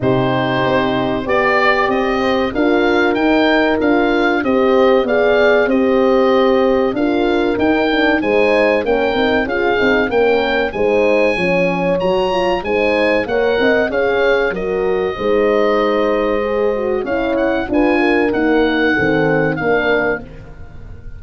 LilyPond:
<<
  \new Staff \with { instrumentName = "oboe" } { \time 4/4 \tempo 4 = 95 c''2 d''4 dis''4 | f''4 g''4 f''4 dis''4 | f''4 dis''2 f''4 | g''4 gis''4 g''4 f''4 |
g''4 gis''2 ais''4 | gis''4 fis''4 f''4 dis''4~ | dis''2. f''8 fis''8 | gis''4 fis''2 f''4 | }
  \new Staff \with { instrumentName = "horn" } { \time 4/4 g'2 d''4. c''8 | ais'2. c''4 | d''4 c''2 ais'4~ | ais'4 c''4 ais'4 gis'4 |
ais'4 c''4 cis''2 | c''4 cis''8 dis''8 cis''4 ais'4 | c''2. cis''4 | b'8 ais'4. a'4 ais'4 | }
  \new Staff \with { instrumentName = "horn" } { \time 4/4 dis'2 g'2 | f'4 dis'4 f'4 g'4 | gis'4 g'2 f'4 | dis'8 d'8 dis'4 cis'8 dis'8 f'8 dis'8 |
cis'4 dis'4 cis'4 fis'8 f'8 | dis'4 ais'4 gis'4 fis'4 | dis'2 gis'8 fis'8 e'4 | f'4 ais4 c'4 d'4 | }
  \new Staff \with { instrumentName = "tuba" } { \time 4/4 c4 c'4 b4 c'4 | d'4 dis'4 d'4 c'4 | b4 c'2 d'4 | dis'4 gis4 ais8 c'8 cis'8 c'8 |
ais4 gis4 f4 fis4 | gis4 ais8 c'8 cis'4 fis4 | gis2. cis'4 | d'4 dis'4 dis4 ais4 | }
>>